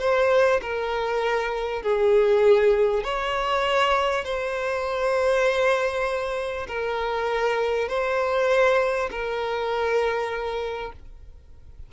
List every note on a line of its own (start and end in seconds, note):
0.00 0.61 C5
0.62 1.83 A#4
1.83 3.04 G#4
3.04 4.25 C#5
4.25 6.67 C5
6.68 7.89 A#4
7.89 9.10 C5
9.11 10.93 A#4